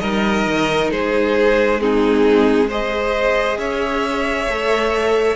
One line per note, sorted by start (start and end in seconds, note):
0.00 0.46 G3
0.00 1.79 D#4
0.00 0.90 A#4
0.00 0.90 D#5
0.46 0.91 D#3
0.91 3.58 G#3
0.91 1.80 G#4
0.91 1.80 C5
1.79 2.68 C4
1.79 2.68 D#4
1.79 2.70 G#4
2.68 4.50 G#4
2.68 3.57 C5
2.68 3.59 D#5
3.58 4.47 C#4
3.58 5.35 C#5
3.58 5.35 E5
4.47 5.35 A3
4.47 5.35 A4